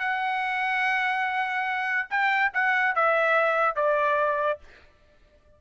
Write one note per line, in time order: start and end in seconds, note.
0.00 2.08 F#5
2.10 2.52 G5
2.54 2.96 F#5
2.96 3.76 E5
3.76 4.60 D5